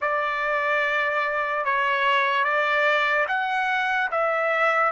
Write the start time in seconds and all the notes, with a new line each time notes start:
0.01 D5
1.64 C#5
2.44 D5
3.28 F#5
4.11 E5